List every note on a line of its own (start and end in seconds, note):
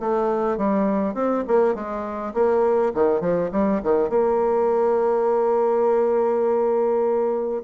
0.00 0.58 A3
0.58 1.15 G3
1.15 1.44 C4
1.48 1.75 A#3
1.75 2.34 G#3
2.34 2.93 A#3
2.95 3.21 D#3
3.21 3.51 F3
3.52 3.82 G3
3.83 4.10 D#3
4.10 7.63 A#3